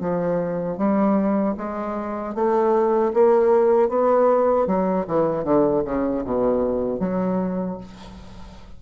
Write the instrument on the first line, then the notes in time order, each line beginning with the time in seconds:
bassoon
0.00 F3
0.78 G3
1.57 G#3
2.34 A3
3.13 A#3
3.89 B3
4.67 F#3
5.07 E3
5.44 D3
5.85 C#3
6.24 B2
7.00 F#3